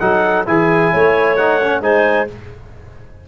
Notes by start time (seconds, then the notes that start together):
0.00 F#3 D#4 A4 F#5
0.47 E3 E4 G#4 G#5
0.93 A3 C#5
1.37 D#4 F#5
1.62 C#4
1.81 G#3 D#4 C5 G#5